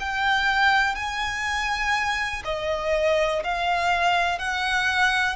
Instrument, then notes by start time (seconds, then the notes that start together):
violin
0.00 G5
0.95 G#5
2.45 D#5
3.44 F5
4.39 F#5